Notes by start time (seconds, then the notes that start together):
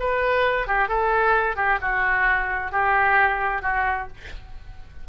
0.00 B4
0.68 G4
0.89 A4
1.57 G4
1.82 F#4
2.72 G4
3.63 F#4